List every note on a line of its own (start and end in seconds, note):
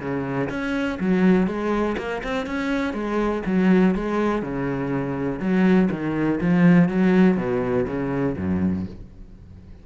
0.00 0.49 C#3
0.49 0.99 C#4
1.00 1.47 F#3
1.47 1.96 G#3
1.98 2.23 A#3
2.24 2.46 C4
2.46 2.94 C#4
2.94 3.43 G#3
3.46 3.95 F#3
3.95 4.42 G#3
4.42 5.40 C#3
5.40 5.89 F#3
5.91 6.40 D#3
6.41 6.89 F3
6.89 7.37 F#3
7.37 7.86 B2
7.87 8.37 C#3
8.37 8.87 F#2